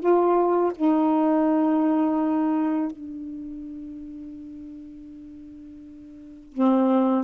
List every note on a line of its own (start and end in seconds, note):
0.00 0.72 F4
0.76 2.92 D#4
2.92 6.53 D4
6.53 7.25 C4